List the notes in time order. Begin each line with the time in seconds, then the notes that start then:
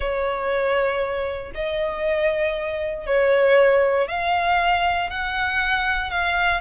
0.00 C#5
1.54 D#5
3.06 C#5
4.08 F5
5.10 F#5
6.10 F5